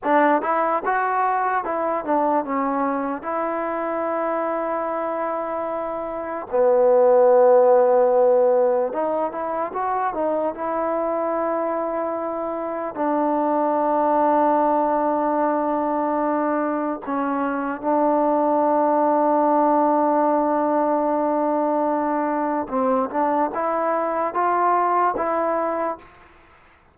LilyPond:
\new Staff \with { instrumentName = "trombone" } { \time 4/4 \tempo 4 = 74 d'8 e'8 fis'4 e'8 d'8 cis'4 | e'1 | b2. dis'8 e'8 | fis'8 dis'8 e'2. |
d'1~ | d'4 cis'4 d'2~ | d'1 | c'8 d'8 e'4 f'4 e'4 | }